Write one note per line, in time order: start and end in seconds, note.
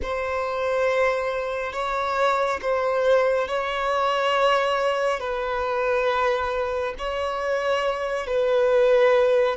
0.02 1.72 C5
1.72 2.59 C#5
2.61 3.48 C5
3.48 5.20 C#5
5.20 6.94 B4
6.98 8.26 C#5
8.26 9.56 B4